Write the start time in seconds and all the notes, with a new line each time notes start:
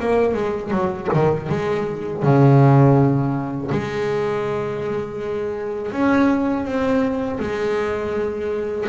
0.00 A#3
0.35 G#3
0.71 F#3
1.14 D#3
1.50 G#3
2.23 C#3
3.72 G#3
5.92 C#4
6.65 C4
7.40 G#3